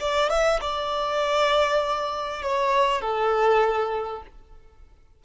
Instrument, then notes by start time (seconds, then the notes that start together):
violin
0.00 D5
0.30 E5
0.61 D5
2.42 C#5
3.01 A4